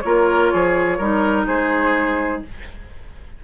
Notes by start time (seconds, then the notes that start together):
0.00 A#3 F4 A#4 C#5
0.53 F3 G#4
0.97 G3 D#4 A#4
1.47 G#3 G#4 C5